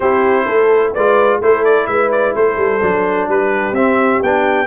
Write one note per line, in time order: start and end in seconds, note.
0.00 0.47 C4
0.00 0.95 E4
0.00 0.45 G4
0.00 0.93 C5
0.45 0.94 A3
0.45 0.91 A4
0.93 1.40 G#3
0.93 1.42 F4
0.93 1.40 B4
0.93 1.40 D5
1.40 1.87 A3
1.40 2.80 E4
1.40 1.88 A4
1.40 1.64 C5
1.64 1.87 D5
1.87 2.34 G#3
1.87 2.35 B4
1.87 2.10 E5
2.11 2.35 D5
2.35 2.57 A3
2.35 3.28 A4
2.35 3.29 C5
2.57 2.80 G3
2.80 3.28 F#3
2.80 3.74 D4
3.28 3.72 G3
3.28 4.67 G4
3.28 3.74 B4
3.72 4.19 C4
3.72 4.23 C4
3.72 4.21 E5
4.22 4.67 B3
4.22 4.67 D4
4.22 4.67 G5